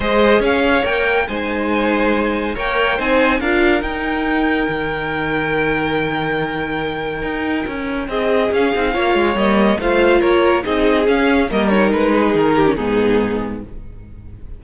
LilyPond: <<
  \new Staff \with { instrumentName = "violin" } { \time 4/4 \tempo 4 = 141 dis''4 f''4 g''4 gis''4~ | gis''2 g''4 gis''4 | f''4 g''2.~ | g''1~ |
g''2. dis''4 | f''2 dis''4 f''4 | cis''4 dis''4 f''4 dis''8 cis''8 | b'4 ais'4 gis'2 | }
  \new Staff \with { instrumentName = "violin" } { \time 4/4 c''4 cis''2 c''4~ | c''2 cis''4 c''4 | ais'1~ | ais'1~ |
ais'2. gis'4~ | gis'4 cis''2 c''4 | ais'4 gis'2 ais'4~ | ais'8 gis'4 g'8 dis'2 | }
  \new Staff \with { instrumentName = "viola" } { \time 4/4 gis'2 ais'4 dis'4~ | dis'2 ais'4 dis'4 | f'4 dis'2.~ | dis'1~ |
dis'1 | cis'8 dis'8 f'4 ais4 f'4~ | f'4 dis'4 cis'4 ais8 dis'8~ | dis'4.~ dis'16 cis'16 b2 | }
  \new Staff \with { instrumentName = "cello" } { \time 4/4 gis4 cis'4 ais4 gis4~ | gis2 ais4 c'4 | d'4 dis'2 dis4~ | dis1~ |
dis4 dis'4 cis'4 c'4 | cis'8 c'8 ais8 gis8 g4 a4 | ais4 c'4 cis'4 g4 | gis4 dis4 gis,2 | }
>>